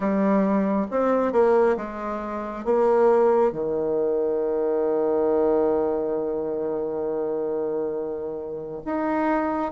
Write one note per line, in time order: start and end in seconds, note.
0.00 0.86 G3
0.91 1.32 C4
1.32 1.76 A#3
1.76 2.65 G#3
2.65 3.52 A#3
3.52 8.81 D#3
8.85 9.72 D#4